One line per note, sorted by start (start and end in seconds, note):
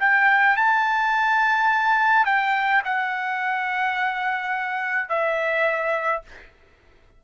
0.00 0.57 G5
0.57 2.26 A5
2.26 2.83 G5
2.85 5.09 F#5
5.09 6.22 E5